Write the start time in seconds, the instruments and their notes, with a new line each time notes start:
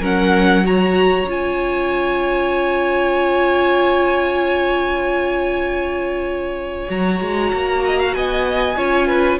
0.00 cello F#3, viola C#4, violin A#4 F#5
0.64 viola F#4, violin C#5 A#5
1.23 cello C#4, viola F4
1.31 violin G#5
6.88 cello F#3, viola F#4, violin A#5
7.21 cello G#3
7.53 cello A#3
7.85 violin D#5
7.99 violin F5
8.14 cello B3, violin D#5 G#5
8.77 cello C#4, viola F4, violin C#5
9.08 violin B4